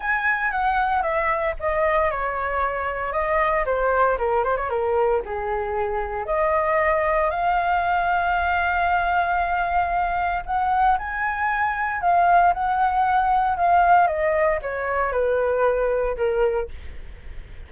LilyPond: \new Staff \with { instrumentName = "flute" } { \time 4/4 \tempo 4 = 115 gis''4 fis''4 e''4 dis''4 | cis''2 dis''4 c''4 | ais'8 c''16 cis''16 ais'4 gis'2 | dis''2 f''2~ |
f''1 | fis''4 gis''2 f''4 | fis''2 f''4 dis''4 | cis''4 b'2 ais'4 | }